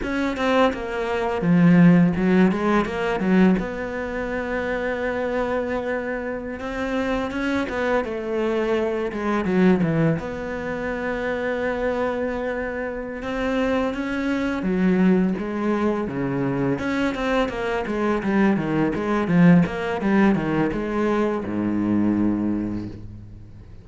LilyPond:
\new Staff \with { instrumentName = "cello" } { \time 4/4 \tempo 4 = 84 cis'8 c'8 ais4 f4 fis8 gis8 | ais8 fis8 b2.~ | b4~ b16 c'4 cis'8 b8 a8.~ | a8. gis8 fis8 e8 b4.~ b16~ |
b2~ b8 c'4 cis'8~ | cis'8 fis4 gis4 cis4 cis'8 | c'8 ais8 gis8 g8 dis8 gis8 f8 ais8 | g8 dis8 gis4 gis,2 | }